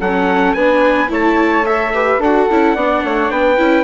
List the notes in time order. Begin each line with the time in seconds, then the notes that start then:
0.00 F#3 C#4 A4 F#5
0.54 B3 D4 B4 G#5
1.08 A3 E4 C#5 A5
1.66 A4 E5
1.94 G4 B4
2.18 D4 A4 F#5
2.25 F#4
2.50 C#4 E4
2.75 B3 D4 D5
3.04 A3 C#5
3.30 B3 B4 G5
3.57 C#4 E4